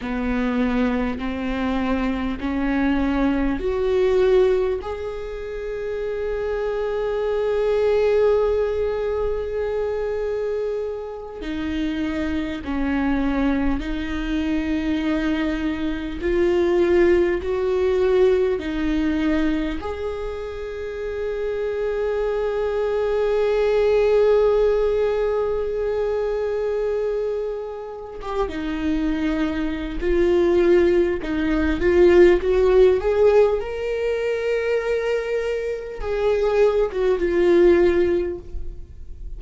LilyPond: \new Staff \with { instrumentName = "viola" } { \time 4/4 \tempo 4 = 50 b4 c'4 cis'4 fis'4 | gis'1~ | gis'4. dis'4 cis'4 dis'8~ | dis'4. f'4 fis'4 dis'8~ |
dis'8 gis'2.~ gis'8~ | gis'2.~ gis'8 g'16 dis'16~ | dis'4 f'4 dis'8 f'8 fis'8 gis'8 | ais'2 gis'8. fis'16 f'4 | }